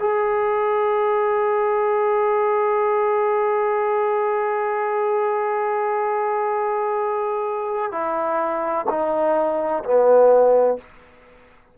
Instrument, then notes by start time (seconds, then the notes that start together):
trombone
0.00 G#4
7.92 E4
8.90 D#4
9.84 B3